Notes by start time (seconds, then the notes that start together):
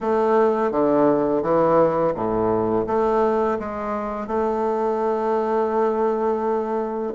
0.00 A3
0.71 D3
1.42 E3
2.14 A2
2.86 A3
3.59 G#3
4.27 A3